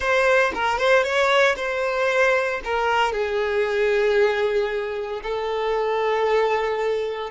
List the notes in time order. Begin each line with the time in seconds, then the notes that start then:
0.00 C5
0.54 A#4
0.78 C5
1.03 C#5
1.56 C5
2.64 A#4
3.12 G#4
5.23 A4